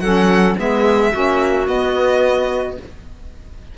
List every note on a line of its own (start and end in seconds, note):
0.00 0.56 F#3
0.00 0.57 C#4
0.00 0.58 A4
0.00 0.55 F#5
0.57 1.14 G#3
0.57 1.12 B3
0.57 1.12 G#4
0.57 1.68 E5
1.12 1.68 A#3
1.12 1.67 C#4
1.12 2.77 F#4
1.67 2.77 B3
1.67 2.78 B3
1.67 2.78 D#5